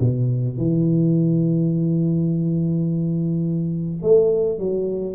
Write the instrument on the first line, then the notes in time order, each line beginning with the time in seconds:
tuba
0.00 B2
0.58 E3
4.03 A3
4.59 F#3